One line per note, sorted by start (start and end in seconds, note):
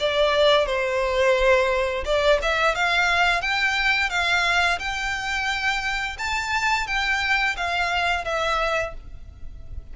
0.00 0.66 D5
0.66 2.04 C5
2.05 2.39 D5
2.42 2.75 E5
2.75 3.42 F5
3.42 4.10 G5
4.10 4.79 F5
4.79 6.17 G5
6.18 6.87 A5
6.87 7.56 G5
7.57 8.25 F5
8.25 8.94 E5